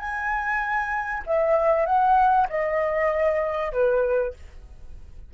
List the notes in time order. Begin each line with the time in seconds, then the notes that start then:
0.00 G#5
1.27 E5
1.86 F#5
2.50 D#5
3.73 B4